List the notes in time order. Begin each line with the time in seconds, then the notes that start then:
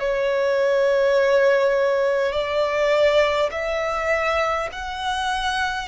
0.00 C#5
2.33 D5
3.51 E5
4.72 F#5